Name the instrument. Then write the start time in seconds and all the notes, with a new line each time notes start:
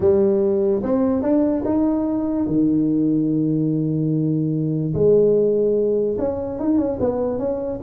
tuba
0.00 G3
0.82 C4
1.22 D4
1.64 D#4
2.47 D#3
4.93 G#3
6.18 C#4
6.59 D#4
6.78 C#4
7.00 B3
7.38 C#4